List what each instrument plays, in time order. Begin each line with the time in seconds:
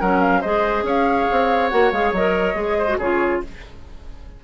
0.00 bassoon F#3, clarinet C#4, oboe A#4, flute F#5
0.20 flute F5
0.40 bassoon G#3, clarinet G#4, oboe C5, flute D#5
0.83 bassoon C#4, oboe C#5, flute F5
1.31 bassoon C4
1.70 bassoon A#3, clarinet F#4, flute F#5
1.92 bassoon G#3, clarinet G#4, flute F5
2.12 bassoon F#3, clarinet A#4, flute D#5
2.54 bassoon G#3, clarinet G#4
2.78 oboe C5
2.88 clarinet F#4
2.98 bassoon C#3, clarinet F4, oboe G#4, flute C#5